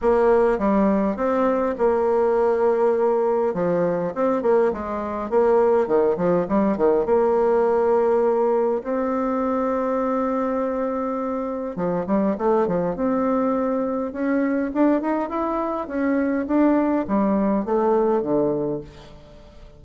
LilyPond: \new Staff \with { instrumentName = "bassoon" } { \time 4/4 \tempo 4 = 102 ais4 g4 c'4 ais4~ | ais2 f4 c'8 ais8 | gis4 ais4 dis8 f8 g8 dis8 | ais2. c'4~ |
c'1 | f8 g8 a8 f8 c'2 | cis'4 d'8 dis'8 e'4 cis'4 | d'4 g4 a4 d4 | }